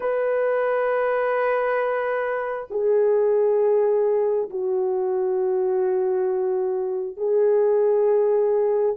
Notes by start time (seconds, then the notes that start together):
0.00 B4
2.70 G#4
4.49 F#4
7.16 G#4